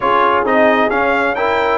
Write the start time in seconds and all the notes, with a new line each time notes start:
0.00 C#4 F4 G#4 C#5
0.44 C4 D#4 D#5
0.90 C#4 F5
1.35 E4 A#4 G5